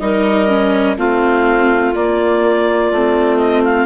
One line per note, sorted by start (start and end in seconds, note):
0.00 0.97 G3
0.00 0.48 D#4
0.00 0.98 A#4
0.00 0.97 D#5
0.48 0.97 C#4
0.98 1.95 A3
0.98 1.95 C4
0.98 3.86 F4
0.98 1.95 F5
1.95 2.92 A#3
1.95 2.93 A#3
1.95 3.38 D5
2.92 3.86 A3
2.92 3.86 C4
3.38 3.62 D#5
3.64 3.86 F5